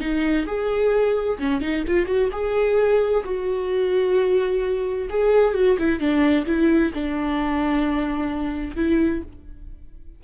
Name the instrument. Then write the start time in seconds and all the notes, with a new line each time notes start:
viola
0.00 D#4
0.46 G#4
1.39 C#4
1.61 D#4
1.87 F4
2.06 F#4
2.32 G#4
3.24 F#4
5.10 G#4
5.54 F#4
5.78 E4
5.99 D4
6.46 E4
6.94 D4
8.76 E4